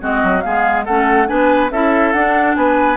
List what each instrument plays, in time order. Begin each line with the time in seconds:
0.00 bassoon G#3, clarinet C4, oboe F#4, flute D#5
0.23 bassoon F#3
0.41 bassoon G#3, clarinet B3, oboe G#4, flute F5
0.85 bassoon A3, clarinet C#4, oboe A4, flute F#5
1.27 bassoon B3, clarinet D4, oboe B4, flute G#5
1.71 bassoon C#4, clarinet E4, oboe A4, flute E5
2.12 bassoon D4, clarinet D4, flute F#5
2.55 bassoon B3, oboe B4, flute G#5